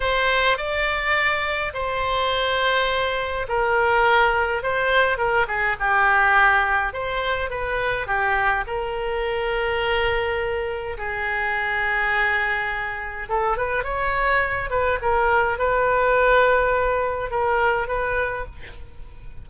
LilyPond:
\new Staff \with { instrumentName = "oboe" } { \time 4/4 \tempo 4 = 104 c''4 d''2 c''4~ | c''2 ais'2 | c''4 ais'8 gis'8 g'2 | c''4 b'4 g'4 ais'4~ |
ais'2. gis'4~ | gis'2. a'8 b'8 | cis''4. b'8 ais'4 b'4~ | b'2 ais'4 b'4 | }